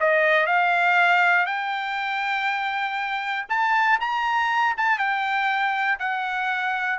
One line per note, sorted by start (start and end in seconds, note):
0.00 0.46 D#5
0.46 1.46 F5
1.46 3.46 G5
3.49 3.99 A5
4.00 4.75 A#5
4.77 4.98 A5
4.98 5.98 G5
5.99 6.99 F#5